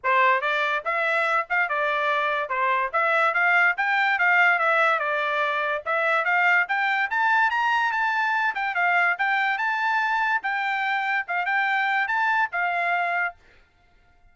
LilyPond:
\new Staff \with { instrumentName = "trumpet" } { \time 4/4 \tempo 4 = 144 c''4 d''4 e''4. f''8 | d''2 c''4 e''4 | f''4 g''4 f''4 e''4 | d''2 e''4 f''4 |
g''4 a''4 ais''4 a''4~ | a''8 g''8 f''4 g''4 a''4~ | a''4 g''2 f''8 g''8~ | g''4 a''4 f''2 | }